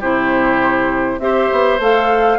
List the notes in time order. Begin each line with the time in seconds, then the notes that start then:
0.00 C3 E4 G4 C5
1.19 C4 G4 C5 E5
1.52 B3
1.79 A3 A4 F5